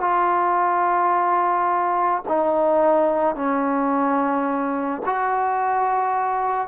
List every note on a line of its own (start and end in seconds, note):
0.00 2.22 F4
2.27 3.35 D#4
3.35 5.02 C#4
5.05 6.67 F#4